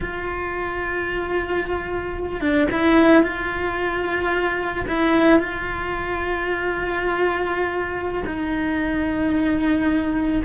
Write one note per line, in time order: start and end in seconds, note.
0.00 2.41 F4
2.41 2.68 D4
2.71 3.23 E4
3.23 4.85 F4
4.87 5.39 E4
5.39 8.23 F4
8.26 10.42 D#4